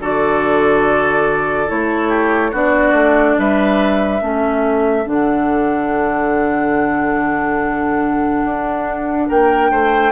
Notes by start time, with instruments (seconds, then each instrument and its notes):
0.00 bassoon D3, clarinet F#4, oboe A4, flute D5
1.68 bassoon A3, clarinet E4, flute C#5
2.09 oboe G4
2.52 bassoon B3, clarinet D4, oboe F#4, flute D5
2.93 bassoon A3
3.39 bassoon G3, oboe B4, flute E5
4.20 bassoon A3, clarinet C#4, oboe A4
5.05 bassoon D3, clarinet D4, flute F#5
8.45 bassoon D4
9.29 bassoon A#3, oboe A#4, flute G5
9.71 bassoon A3, oboe C5